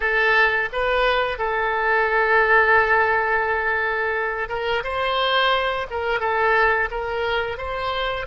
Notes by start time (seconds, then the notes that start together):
0.00 A4
0.72 B4
1.38 A4
4.48 A#4
4.83 C5
5.90 A#4
6.20 A4
6.91 A#4
7.57 C5